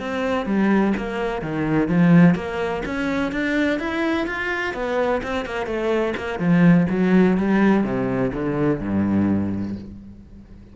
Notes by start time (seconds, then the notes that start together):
0.00 C4
0.46 G3
0.97 A#3
1.42 D#3
1.89 F3
2.35 A#3
2.86 C#4
3.32 D4
3.80 E4
4.27 F4
4.74 B3
5.23 C4
5.46 A#3
5.67 A3
6.17 A#3
6.39 F3
6.90 F#3
7.38 G3
7.84 C3
8.34 D3
8.81 G2